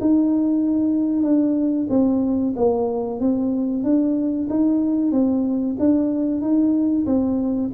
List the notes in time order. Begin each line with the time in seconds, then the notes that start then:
0.00 D#4
1.22 D4
1.89 C4
2.56 A#3
3.20 C4
3.83 D4
4.50 D#4
5.11 C4
5.79 D4
6.41 D#4
7.06 C4